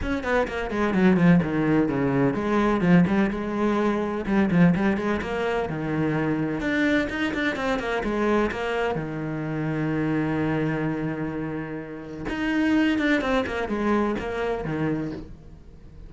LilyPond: \new Staff \with { instrumentName = "cello" } { \time 4/4 \tempo 4 = 127 cis'8 b8 ais8 gis8 fis8 f8 dis4 | cis4 gis4 f8 g8 gis4~ | gis4 g8 f8 g8 gis8 ais4 | dis2 d'4 dis'8 d'8 |
c'8 ais8 gis4 ais4 dis4~ | dis1~ | dis2 dis'4. d'8 | c'8 ais8 gis4 ais4 dis4 | }